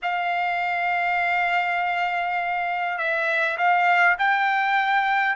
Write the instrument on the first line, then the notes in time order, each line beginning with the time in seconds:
trumpet
0.02 F5
2.98 E5
3.57 F5
4.18 G5